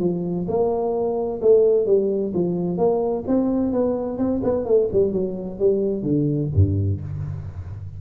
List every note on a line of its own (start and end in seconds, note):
0.00 0.47 F3
0.48 1.41 A#3
1.42 1.86 A3
1.86 2.33 G3
2.34 2.78 F3
2.78 3.24 A#3
3.27 3.73 C4
3.73 4.18 B3
4.18 4.41 C4
4.44 4.65 B3
4.65 4.89 A3
4.93 5.13 G3
5.13 5.59 F#3
5.59 6.03 G3
6.03 6.49 D3
6.55 7.01 G2